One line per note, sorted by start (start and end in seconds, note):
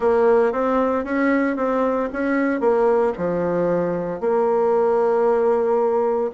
0.00 0.52 A#3
0.52 1.04 C4
1.04 1.56 C#4
1.56 2.09 C4
2.12 2.60 C#4
2.60 3.12 A#3
3.17 4.20 F3
4.20 6.31 A#3